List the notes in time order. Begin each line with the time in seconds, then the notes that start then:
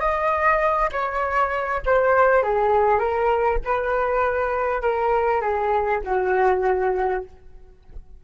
0.00 D#5
0.92 C#5
1.85 C5
2.43 G#4
2.99 A#4
3.64 B4
4.82 A#4
5.41 G#4
6.04 F#4